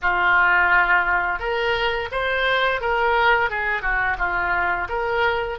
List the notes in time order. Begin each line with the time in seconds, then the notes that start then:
0.02 F4
1.39 A#4
2.11 C5
2.81 A#4
3.49 G#4
3.82 F#4
4.18 F4
4.88 A#4